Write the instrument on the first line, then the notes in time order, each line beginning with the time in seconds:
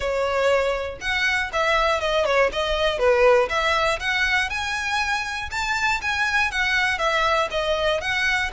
violin
0.00 C#5
1.00 F#5
1.52 E5
2.00 D#5
2.25 C#5
2.52 D#5
2.98 B4
3.49 E5
3.99 F#5
4.49 G#5
5.50 A5
6.01 G#5
6.51 F#5
6.98 E5
7.50 D#5
8.00 F#5